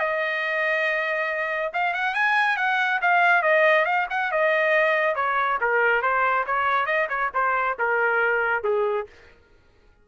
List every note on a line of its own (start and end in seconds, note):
0.00 1.73 D#5
1.73 1.94 F5
1.94 2.15 F#5
2.15 2.57 G#5
2.57 3.01 F#5
3.02 3.43 F5
3.43 3.86 D#5
3.86 4.07 F5
4.10 4.32 F#5
4.32 5.15 D#5
5.15 5.59 C#5
5.61 6.02 A#4
6.02 6.45 C5
6.47 6.86 C#5
6.86 7.08 D#5
7.09 7.31 C#5
7.35 7.78 C5
7.79 8.64 A#4
8.64 9.07 G#4